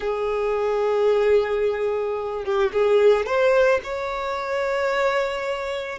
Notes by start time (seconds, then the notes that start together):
0.00 G#4
2.44 G4
2.72 G#4
3.26 C5
3.83 C#5